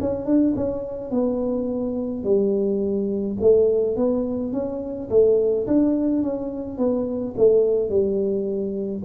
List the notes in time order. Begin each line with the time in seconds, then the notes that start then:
0.00 C#4
0.25 D4
0.56 C#4
1.11 B3
2.23 G3
3.41 A3
3.96 B3
4.52 C#4
5.09 A3
5.67 D4
6.22 C#4
6.78 B3
7.37 A3
7.89 G3